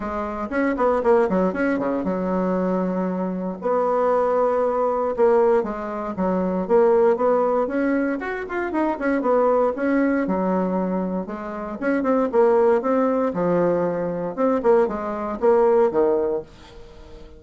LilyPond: \new Staff \with { instrumentName = "bassoon" } { \time 4/4 \tempo 4 = 117 gis4 cis'8 b8 ais8 fis8 cis'8 cis8 | fis2. b4~ | b2 ais4 gis4 | fis4 ais4 b4 cis'4 |
fis'8 f'8 dis'8 cis'8 b4 cis'4 | fis2 gis4 cis'8 c'8 | ais4 c'4 f2 | c'8 ais8 gis4 ais4 dis4 | }